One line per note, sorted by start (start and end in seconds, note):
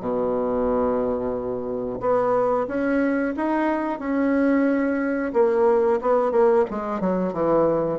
0.00 2.00 B2
2.00 2.67 B3
2.68 3.34 C#4
3.36 3.99 D#4
3.99 5.32 C#4
5.33 6.00 A#3
6.01 6.32 B3
6.32 6.65 A#3
6.70 7.00 G#3
7.00 7.33 F#3
7.33 7.99 E3